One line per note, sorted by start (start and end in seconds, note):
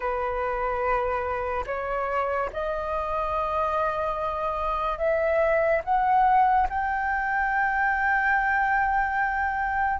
0.00 1.64 B4
1.66 2.49 C#5
2.52 4.98 D#5
4.98 5.81 E5
5.84 6.67 F#5
6.69 9.99 G5